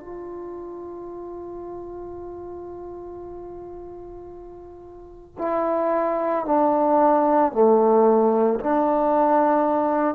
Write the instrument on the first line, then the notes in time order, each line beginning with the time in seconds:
trombone
0.00 F4
5.38 E4
6.46 D4
7.52 A3
8.60 D4